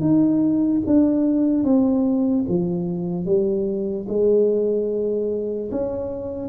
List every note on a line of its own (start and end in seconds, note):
0.00 0.81 D#4
0.86 1.64 D4
1.64 2.45 C4
2.48 3.25 F3
3.25 4.06 G3
4.08 5.70 G#3
5.71 6.49 C#4